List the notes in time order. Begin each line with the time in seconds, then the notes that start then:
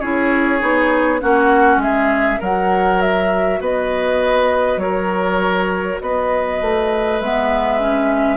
0.00 C#4 E4 G#4 C#5
0.59 B3 D#4
1.20 A#3 C#4 F#4 F#5
1.77 G#3 E5
1.83 G#4
2.39 F#3 F#4 A#4 F#5
3.01 E5
3.60 B3 B4 D#5
4.77 F#3 A#4 C#5
6.01 B3 B4 D#5
6.61 A3
7.20 G#3 B3 E5
7.79 C#4